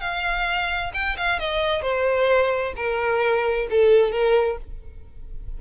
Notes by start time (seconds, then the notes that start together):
0.00 F5
0.93 G5
1.17 F5
1.39 D#5
1.82 C5
2.76 A#4
3.70 A4
4.11 A#4